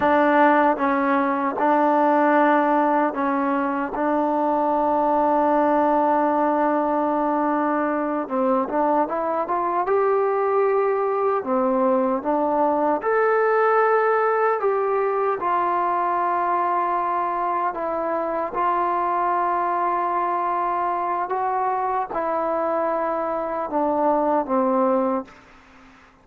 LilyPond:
\new Staff \with { instrumentName = "trombone" } { \time 4/4 \tempo 4 = 76 d'4 cis'4 d'2 | cis'4 d'2.~ | d'2~ d'8 c'8 d'8 e'8 | f'8 g'2 c'4 d'8~ |
d'8 a'2 g'4 f'8~ | f'2~ f'8 e'4 f'8~ | f'2. fis'4 | e'2 d'4 c'4 | }